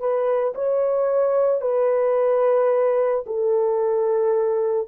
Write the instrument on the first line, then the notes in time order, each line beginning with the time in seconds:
horn
0.00 B4
0.55 C#5
1.62 B4
3.27 A4